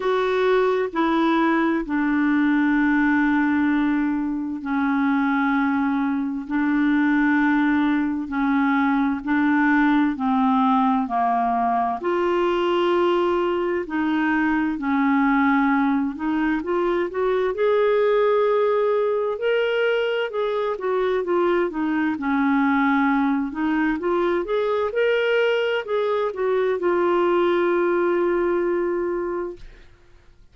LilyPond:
\new Staff \with { instrumentName = "clarinet" } { \time 4/4 \tempo 4 = 65 fis'4 e'4 d'2~ | d'4 cis'2 d'4~ | d'4 cis'4 d'4 c'4 | ais4 f'2 dis'4 |
cis'4. dis'8 f'8 fis'8 gis'4~ | gis'4 ais'4 gis'8 fis'8 f'8 dis'8 | cis'4. dis'8 f'8 gis'8 ais'4 | gis'8 fis'8 f'2. | }